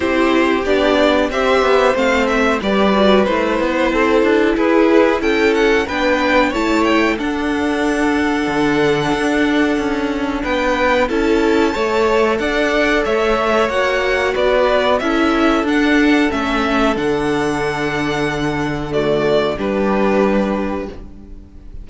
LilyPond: <<
  \new Staff \with { instrumentName = "violin" } { \time 4/4 \tempo 4 = 92 c''4 d''4 e''4 f''8 e''8 | d''4 c''2 b'4 | g''8 fis''8 g''4 a''8 g''8 fis''4~ | fis''1 |
g''4 a''2 fis''4 | e''4 fis''4 d''4 e''4 | fis''4 e''4 fis''2~ | fis''4 d''4 b'2 | }
  \new Staff \with { instrumentName = "violin" } { \time 4/4 g'2 c''2 | b'2 a'4 gis'4 | a'4 b'4 cis''4 a'4~ | a'1 |
b'4 a'4 cis''4 d''4 | cis''2 b'4 a'4~ | a'1~ | a'4 fis'4 g'2 | }
  \new Staff \with { instrumentName = "viola" } { \time 4/4 e'4 d'4 g'4 c'4 | g'8 fis'8 e'2.~ | e'4 d'4 e'4 d'4~ | d'1~ |
d'4 e'4 a'2~ | a'4 fis'2 e'4 | d'4 cis'4 d'2~ | d'4 a4 d'2 | }
  \new Staff \with { instrumentName = "cello" } { \time 4/4 c'4 b4 c'8 b8 a4 | g4 a8 b8 c'8 d'8 e'4 | cis'4 b4 a4 d'4~ | d'4 d4 d'4 cis'4 |
b4 cis'4 a4 d'4 | a4 ais4 b4 cis'4 | d'4 a4 d2~ | d2 g2 | }
>>